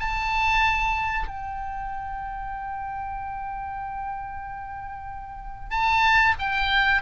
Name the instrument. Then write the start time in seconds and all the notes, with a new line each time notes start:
oboe
0.00 A5
1.28 G5
5.71 A5
6.39 G5